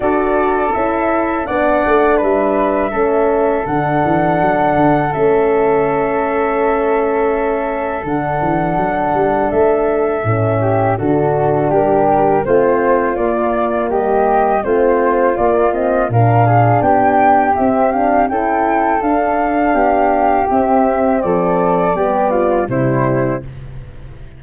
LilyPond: <<
  \new Staff \with { instrumentName = "flute" } { \time 4/4 \tempo 4 = 82 d''4 e''4 fis''4 e''4~ | e''4 fis''2 e''4~ | e''2. fis''4~ | fis''4 e''2 a'4 |
ais'4 c''4 d''4 dis''4 | c''4 d''8 dis''8 f''4 g''4 | e''8 f''8 g''4 f''2 | e''4 d''2 c''4 | }
  \new Staff \with { instrumentName = "flute" } { \time 4/4 a'2 d''4 b'4 | a'1~ | a'1~ | a'2~ a'8 g'8 fis'4 |
g'4 f'2 g'4 | f'2 ais'8 gis'8 g'4~ | g'4 a'2 g'4~ | g'4 a'4 g'8 f'8 e'4 | }
  \new Staff \with { instrumentName = "horn" } { \time 4/4 fis'4 e'4 d'2 | cis'4 d'2 cis'4~ | cis'2. d'4~ | d'2 cis'4 d'4~ |
d'4 c'4 ais2 | c'4 ais8 c'8 d'2 | c'8 d'8 e'4 d'2 | c'2 b4 g4 | }
  \new Staff \with { instrumentName = "tuba" } { \time 4/4 d'4 cis'4 b8 a8 g4 | a4 d8 e8 fis8 d8 a4~ | a2. d8 e8 | fis8 g8 a4 a,4 d4 |
g4 a4 ais4 g4 | a4 ais4 ais,4 b4 | c'4 cis'4 d'4 b4 | c'4 f4 g4 c4 | }
>>